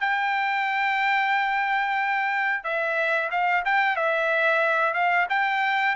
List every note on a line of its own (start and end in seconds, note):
0.00 2.64 G5
2.64 3.30 E5
3.31 3.64 F5
3.65 3.96 G5
3.96 4.94 E5
4.94 5.27 F5
5.29 5.95 G5